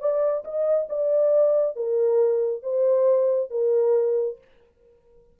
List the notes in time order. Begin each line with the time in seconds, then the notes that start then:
0.00 D5
0.44 D#5
0.89 D5
1.76 A#4
2.63 C5
3.50 A#4